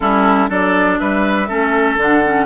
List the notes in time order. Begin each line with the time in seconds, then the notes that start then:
0.00 G3 C#4 E4 A4
0.48 F#3 D4 A4 D5
0.98 G3 B4 E5
1.48 A3 C#4 A4
1.97 D3 D4 F#5
2.24 C#4